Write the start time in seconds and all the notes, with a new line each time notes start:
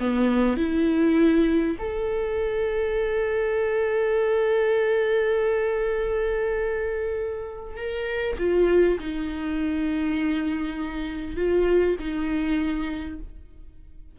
0.00 B3
0.57 E4
1.79 A4
7.77 A#4
8.39 F4
9.00 D#4
11.36 F4
11.99 D#4